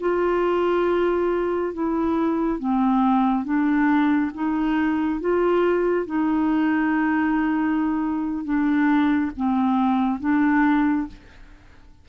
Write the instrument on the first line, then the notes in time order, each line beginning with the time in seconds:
clarinet
0.00 F4
1.74 E4
2.59 C4
3.44 D4
4.34 D#4
5.21 F4
6.06 D#4
8.44 D4
9.36 C4
10.20 D4